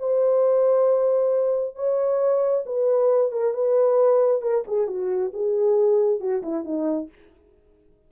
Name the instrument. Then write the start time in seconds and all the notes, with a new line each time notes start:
horn
0.00 C5
1.76 C#5
2.66 B4
3.32 A#4
3.54 B4
4.42 A#4
4.68 G#4
4.88 F#4
5.34 G#4
6.21 F#4
6.43 E4
6.65 D#4